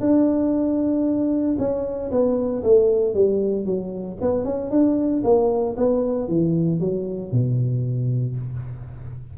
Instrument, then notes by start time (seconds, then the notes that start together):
tuba
0.00 D4
1.58 C#4
2.11 B3
2.63 A3
3.14 G3
3.65 F#3
4.21 B3
4.44 C#4
4.70 D4
5.24 A#3
5.77 B3
6.28 E3
6.80 F#3
7.32 B2